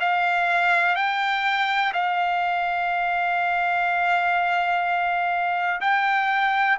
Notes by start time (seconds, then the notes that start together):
0.00 F5
0.95 G5
1.93 F5
5.81 G5